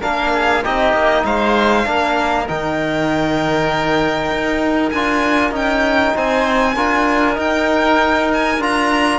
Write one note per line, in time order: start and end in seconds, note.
0.00 0.64 A#3
0.00 0.62 D4
0.00 0.31 A#4
0.00 0.63 F5
0.33 0.63 G#4
0.63 0.93 C4
0.63 1.85 D#4
0.63 1.24 G4
0.63 1.25 D#5
0.93 1.24 A#3
1.24 1.85 G#3
1.24 1.86 C5
1.24 2.48 F5
1.85 2.48 A#3
1.85 2.46 D4
1.85 6.15 A#4
2.46 4.31 D#3
2.46 4.91 D#4
2.46 4.90 G5
4.31 4.92 D#4
4.90 5.51 D4
4.90 5.51 F4
4.90 5.51 G#5
5.51 6.12 C#4
5.51 6.74 D#4
5.51 6.17 G5
6.15 6.75 C4
6.15 6.76 C5
6.15 7.39 G#5
6.75 7.37 D4
6.75 7.34 F4
6.75 9.19 A#4
7.34 8.57 D#4
7.34 8.58 D#4
7.34 8.31 G5
8.33 8.62 G#5
8.58 9.19 D4
8.58 9.19 F4
8.58 9.19 A#5